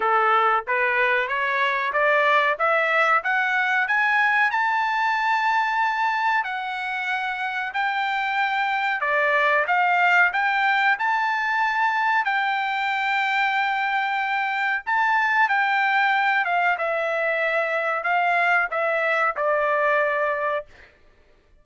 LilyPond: \new Staff \with { instrumentName = "trumpet" } { \time 4/4 \tempo 4 = 93 a'4 b'4 cis''4 d''4 | e''4 fis''4 gis''4 a''4~ | a''2 fis''2 | g''2 d''4 f''4 |
g''4 a''2 g''4~ | g''2. a''4 | g''4. f''8 e''2 | f''4 e''4 d''2 | }